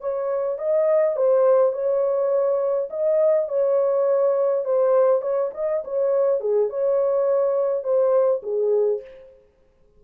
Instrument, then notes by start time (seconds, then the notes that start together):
horn
0.00 C#5
0.58 D#5
1.16 C5
1.72 C#5
2.90 D#5
3.48 C#5
4.64 C5
5.21 C#5
5.54 D#5
5.84 C#5
6.40 G#4
6.69 C#5
7.83 C5
8.42 G#4